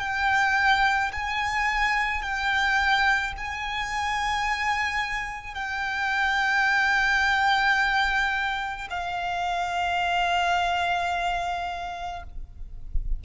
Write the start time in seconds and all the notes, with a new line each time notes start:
0.00 G5
1.12 G#5
2.22 G5
3.37 G#5
5.54 G5
8.90 F5